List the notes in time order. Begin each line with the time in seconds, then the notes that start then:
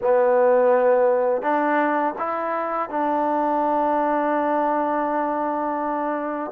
0.01 B3
1.42 D4
2.18 E4
2.89 D4